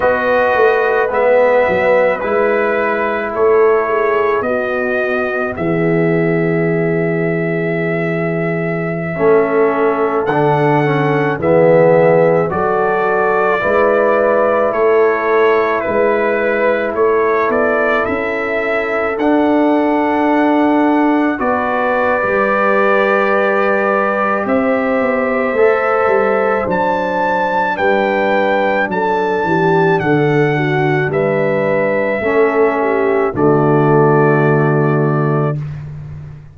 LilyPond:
<<
  \new Staff \with { instrumentName = "trumpet" } { \time 4/4 \tempo 4 = 54 dis''4 e''4 b'4 cis''4 | dis''4 e''2.~ | e''4~ e''16 fis''4 e''4 d''8.~ | d''4~ d''16 cis''4 b'4 cis''8 d''16~ |
d''16 e''4 fis''2 d''8.~ | d''2 e''2 | a''4 g''4 a''4 fis''4 | e''2 d''2 | }
  \new Staff \with { instrumentName = "horn" } { \time 4/4 b'2. a'8 gis'8 | fis'4 gis'2.~ | gis'16 a'2 gis'4 a'8.~ | a'16 b'4 a'4 b'4 a'8.~ |
a'2.~ a'16 b'8.~ | b'2 c''2~ | c''4 b'4 a'8 g'8 a'8 fis'8 | b'4 a'8 g'8 fis'2 | }
  \new Staff \with { instrumentName = "trombone" } { \time 4/4 fis'4 b4 e'2 | b1~ | b16 cis'4 d'8 cis'8 b4 fis'8.~ | fis'16 e'2.~ e'8.~ |
e'4~ e'16 d'2 fis'8. | g'2. a'4 | d'1~ | d'4 cis'4 a2 | }
  \new Staff \with { instrumentName = "tuba" } { \time 4/4 b8 a8 gis8 fis8 gis4 a4 | b4 e2.~ | e16 a4 d4 e4 fis8.~ | fis16 gis4 a4 gis4 a8 b16~ |
b16 cis'4 d'2 b8. | g2 c'8 b8 a8 g8 | fis4 g4 fis8 e8 d4 | g4 a4 d2 | }
>>